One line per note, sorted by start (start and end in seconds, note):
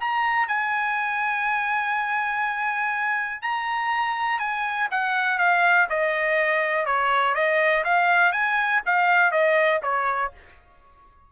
0.00 0.48 A#5
0.48 3.42 G#5
3.42 4.39 A#5
4.39 4.88 G#5
4.91 5.38 F#5
5.38 5.87 F5
5.89 6.86 D#5
6.86 7.34 C#5
7.34 7.84 D#5
7.84 8.32 F5
8.32 8.81 G#5
8.86 9.31 F5
9.31 9.80 D#5
9.82 10.31 C#5